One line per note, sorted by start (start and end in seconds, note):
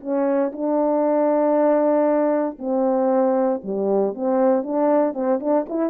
0.00 0.51 C#4
0.52 2.57 D4
2.59 3.61 C4
3.63 4.14 G3
4.14 4.63 C4
4.63 5.14 D4
5.14 5.39 C4
5.40 5.65 D4
5.69 5.90 E4